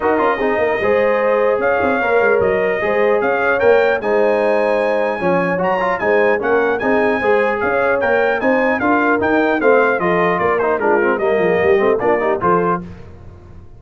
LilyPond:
<<
  \new Staff \with { instrumentName = "trumpet" } { \time 4/4 \tempo 4 = 150 dis''1 | f''2 dis''2 | f''4 g''4 gis''2~ | gis''2 ais''4 gis''4 |
fis''4 gis''2 f''4 | g''4 gis''4 f''4 g''4 | f''4 dis''4 d''8 c''8 ais'4 | dis''2 d''4 c''4 | }
  \new Staff \with { instrumentName = "horn" } { \time 4/4 ais'4 gis'8 ais'8 c''2 | cis''2. c''4 | cis''2 c''2~ | c''4 cis''2 c''4 |
ais'4 gis'4 c''4 cis''4~ | cis''4 c''4 ais'2 | c''4 a'4 ais'4 f'4 | ais'8 gis'8 g'4 f'8 g'8 a'4 | }
  \new Staff \with { instrumentName = "trombone" } { \time 4/4 fis'8 f'8 dis'4 gis'2~ | gis'4 ais'2 gis'4~ | gis'4 ais'4 dis'2~ | dis'4 cis'4 fis'8 f'8 dis'4 |
cis'4 dis'4 gis'2 | ais'4 dis'4 f'4 dis'4 | c'4 f'4. dis'8 d'8 c'8 | ais4. c'8 d'8 dis'8 f'4 | }
  \new Staff \with { instrumentName = "tuba" } { \time 4/4 dis'8 cis'8 c'8 ais8 gis2 | cis'8 c'8 ais8 gis8 fis4 gis4 | cis'4 ais4 gis2~ | gis4 f4 fis4 gis4 |
ais4 c'4 gis4 cis'4 | ais4 c'4 d'4 dis'4 | a4 f4 ais4 gis4 | g8 f8 g8 a8 ais4 f4 | }
>>